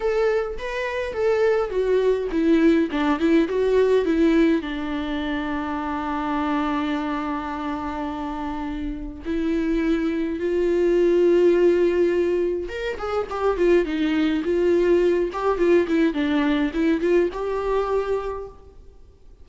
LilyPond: \new Staff \with { instrumentName = "viola" } { \time 4/4 \tempo 4 = 104 a'4 b'4 a'4 fis'4 | e'4 d'8 e'8 fis'4 e'4 | d'1~ | d'1 |
e'2 f'2~ | f'2 ais'8 gis'8 g'8 f'8 | dis'4 f'4. g'8 f'8 e'8 | d'4 e'8 f'8 g'2 | }